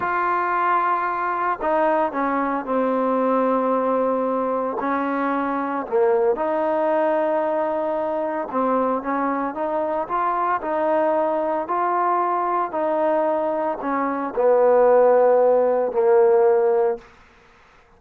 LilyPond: \new Staff \with { instrumentName = "trombone" } { \time 4/4 \tempo 4 = 113 f'2. dis'4 | cis'4 c'2.~ | c'4 cis'2 ais4 | dis'1 |
c'4 cis'4 dis'4 f'4 | dis'2 f'2 | dis'2 cis'4 b4~ | b2 ais2 | }